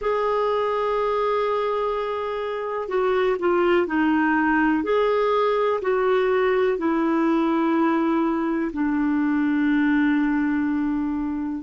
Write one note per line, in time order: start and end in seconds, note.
0.00 2.88 G#4
2.88 3.37 F#4
3.39 3.86 F4
3.86 4.83 D#4
4.83 5.80 G#4
5.81 6.77 F#4
6.77 8.71 E4
8.72 11.63 D4